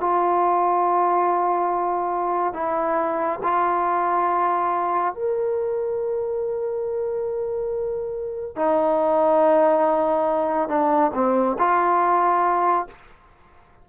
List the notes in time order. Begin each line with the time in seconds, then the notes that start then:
0.00 F4
2.53 E4
3.43 F4
5.14 A#4
8.56 D#4
10.68 D4
11.14 C4
11.58 F4